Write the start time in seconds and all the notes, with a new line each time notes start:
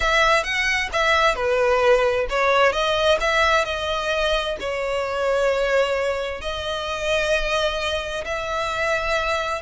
0.00 E5
0.43 F#5
0.92 E5
1.35 B4
2.29 C#5
2.72 D#5
3.20 E5
3.65 D#5
4.59 C#5
6.41 D#5
8.24 E5